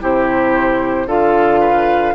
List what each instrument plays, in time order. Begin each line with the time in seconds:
0.00 bassoon C3, clarinet E4, oboe G4, flute C5
1.06 bassoon D3, clarinet F4, oboe A4, flute F5
1.60 oboe B4